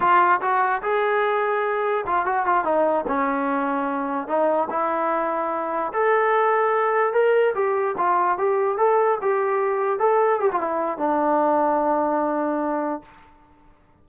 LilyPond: \new Staff \with { instrumentName = "trombone" } { \time 4/4 \tempo 4 = 147 f'4 fis'4 gis'2~ | gis'4 f'8 fis'8 f'8 dis'4 cis'8~ | cis'2~ cis'8 dis'4 e'8~ | e'2~ e'8 a'4.~ |
a'4. ais'4 g'4 f'8~ | f'8 g'4 a'4 g'4.~ | g'8 a'4 g'16 f'16 e'4 d'4~ | d'1 | }